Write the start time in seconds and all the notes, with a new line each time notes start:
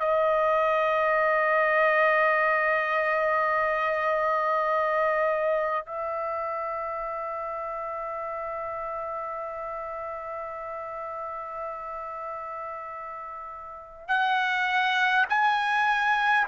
0.00 D#5
5.86 E5
14.09 F#5
15.30 G#5